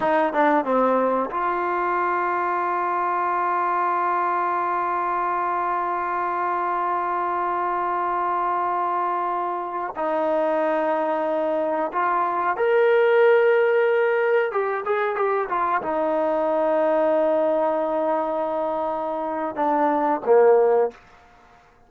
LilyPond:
\new Staff \with { instrumentName = "trombone" } { \time 4/4 \tempo 4 = 92 dis'8 d'8 c'4 f'2~ | f'1~ | f'1~ | f'2.~ f'16 dis'8.~ |
dis'2~ dis'16 f'4 ais'8.~ | ais'2~ ais'16 g'8 gis'8 g'8 f'16~ | f'16 dis'2.~ dis'8.~ | dis'2 d'4 ais4 | }